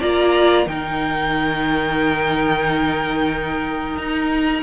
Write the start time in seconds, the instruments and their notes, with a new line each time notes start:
0.00 cello A#3, viola F4, violin D5 A#5
0.66 cello D#3, viola D#4, violin A#4 G5
3.97 cello D#4, violin A#5